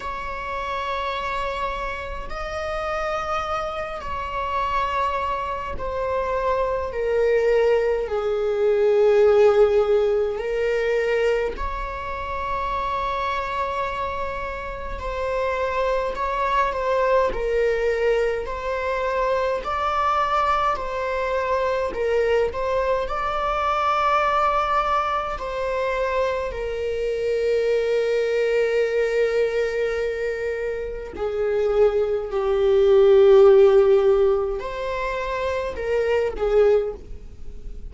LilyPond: \new Staff \with { instrumentName = "viola" } { \time 4/4 \tempo 4 = 52 cis''2 dis''4. cis''8~ | cis''4 c''4 ais'4 gis'4~ | gis'4 ais'4 cis''2~ | cis''4 c''4 cis''8 c''8 ais'4 |
c''4 d''4 c''4 ais'8 c''8 | d''2 c''4 ais'4~ | ais'2. gis'4 | g'2 c''4 ais'8 gis'8 | }